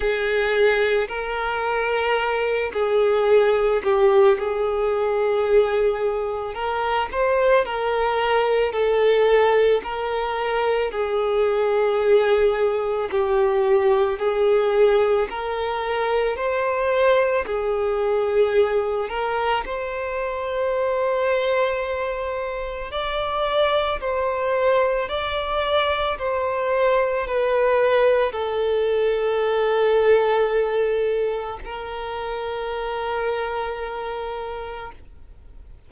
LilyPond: \new Staff \with { instrumentName = "violin" } { \time 4/4 \tempo 4 = 55 gis'4 ais'4. gis'4 g'8 | gis'2 ais'8 c''8 ais'4 | a'4 ais'4 gis'2 | g'4 gis'4 ais'4 c''4 |
gis'4. ais'8 c''2~ | c''4 d''4 c''4 d''4 | c''4 b'4 a'2~ | a'4 ais'2. | }